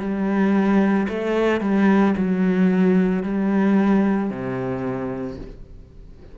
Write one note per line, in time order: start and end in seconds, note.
0.00 1.07 G3
1.09 1.61 A3
1.61 2.15 G3
2.17 3.23 F#3
3.23 4.31 G3
4.31 5.38 C3